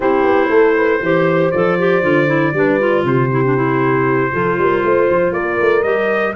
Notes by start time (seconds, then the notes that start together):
0.00 C4 E4 G4 C5
0.23 B3
0.49 A3 A4
0.76 B4
1.01 E3 G4 C5
1.51 F3 A4 D5
1.78 G4
2.02 D3 F4
2.26 E4
2.53 G3 D4 B4
2.79 F4
3.03 C3 G4 C5
3.30 E4
3.44 D4
3.55 E4
4.32 F3 F4 A4
4.58 G3 A#4
4.83 A3 C5
5.10 F3
5.32 A#3 A#4 D5
5.60 A3
5.82 G3 G4 D#5